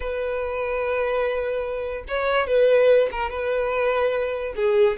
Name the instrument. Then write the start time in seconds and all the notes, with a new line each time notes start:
violin
0.00 B4
2.07 C#5
2.47 B4
3.11 A#4
3.30 B4
4.56 G#4